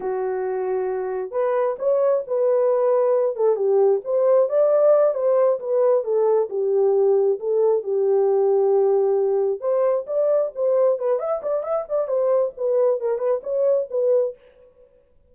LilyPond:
\new Staff \with { instrumentName = "horn" } { \time 4/4 \tempo 4 = 134 fis'2. b'4 | cis''4 b'2~ b'8 a'8 | g'4 c''4 d''4. c''8~ | c''8 b'4 a'4 g'4.~ |
g'8 a'4 g'2~ g'8~ | g'4. c''4 d''4 c''8~ | c''8 b'8 e''8 d''8 e''8 d''8 c''4 | b'4 ais'8 b'8 cis''4 b'4 | }